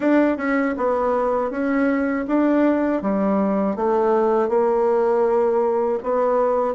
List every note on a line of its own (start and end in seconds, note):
0.00 0.37 D4
0.37 0.74 C#4
0.77 1.50 B3
1.50 2.25 C#4
2.27 3.01 D4
3.01 3.76 G3
3.76 4.48 A3
4.48 5.98 A#3
6.03 6.74 B3